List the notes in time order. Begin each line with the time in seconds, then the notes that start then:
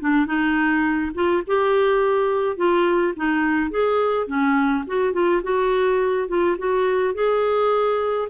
0.00 D4
0.26 D#4
1.14 F4
1.47 G4
2.56 F4
3.16 D#4
3.70 G#4
4.27 C#4
4.87 F#4
5.13 F4
5.43 F#4
6.28 F4
6.58 F#4
7.14 G#4